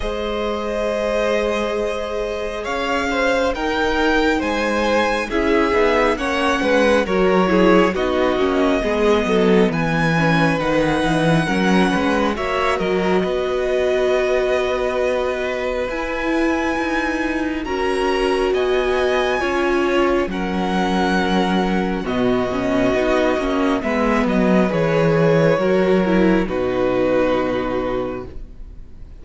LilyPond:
<<
  \new Staff \with { instrumentName = "violin" } { \time 4/4 \tempo 4 = 68 dis''2. f''4 | g''4 gis''4 e''4 fis''4 | cis''4 dis''2 gis''4 | fis''2 e''8 dis''4.~ |
dis''2 gis''2 | ais''4 gis''2 fis''4~ | fis''4 dis''2 e''8 dis''8 | cis''2 b'2 | }
  \new Staff \with { instrumentName = "violin" } { \time 4/4 c''2. cis''8 c''8 | ais'4 c''4 gis'4 cis''8 b'8 | ais'8 gis'8 fis'4 gis'8 a'8 b'4~ | b'4 ais'8 b'8 cis''8 ais'8 b'4~ |
b'1 | ais'4 dis''4 cis''4 ais'4~ | ais'4 fis'2 b'4~ | b'4 ais'4 fis'2 | }
  \new Staff \with { instrumentName = "viola" } { \time 4/4 gis'1 | dis'2 e'8 dis'8 cis'4 | fis'8 e'8 dis'8 cis'8 b4. cis'8 | dis'4 cis'4 fis'2~ |
fis'2 e'2 | fis'2 f'4 cis'4~ | cis'4 b8 cis'8 dis'8 cis'8 b4 | gis'4 fis'8 e'8 dis'2 | }
  \new Staff \with { instrumentName = "cello" } { \time 4/4 gis2. cis'4 | dis'4 gis4 cis'8 b8 ais8 gis8 | fis4 b8 ais8 gis8 fis8 e4 | dis8 e8 fis8 gis8 ais8 fis8 b4~ |
b2 e'4 dis'4 | cis'4 b4 cis'4 fis4~ | fis4 b,4 b8 ais8 gis8 fis8 | e4 fis4 b,2 | }
>>